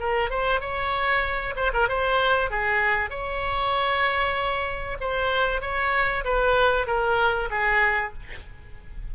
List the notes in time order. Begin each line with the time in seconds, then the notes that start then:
0.00 A#4
0.30 C5
0.61 C#5
1.56 C5
1.74 A#4
1.89 C5
2.51 G#4
3.11 C#5
5.01 C5
5.62 C#5
6.25 B4
6.87 A#4
7.51 G#4